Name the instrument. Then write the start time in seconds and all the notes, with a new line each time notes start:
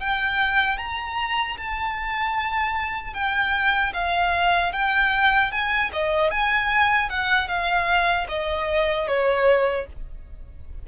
violin
0.00 G5
0.78 A#5
1.58 A5
3.14 G5
3.94 F5
4.73 G5
5.52 G#5
5.93 D#5
6.31 G#5
7.09 F#5
7.48 F5
8.29 D#5
9.08 C#5